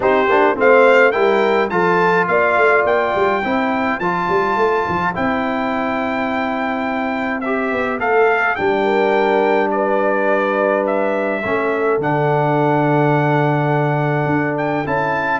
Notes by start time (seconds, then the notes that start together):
0.00 C4 D#4 G4 C5
0.28 A#3 D4
0.56 A3 C4 C5 F5
1.11 G3 E4 A#4 G5
1.69 F3 F4 A4 A5
2.27 A#3 D5 F5
2.56 A3
2.84 A#3 G5
3.15 G3
3.43 C4 E4 C5
3.99 F3 F4 A5
4.29 G3
4.56 A3
4.88 F3
5.14 C4 E4 G5
7.41 G4 E5
7.72 B3
7.99 A3 A4 F5
8.55 G3 D4 G5
8.84 A#4
9.70 B4 D5
10.86 E5
11.42 A3 C#4 A4
11.98 D3 D4 F#5
14.25 D4
14.57 G5
14.86 C#4 E4 A5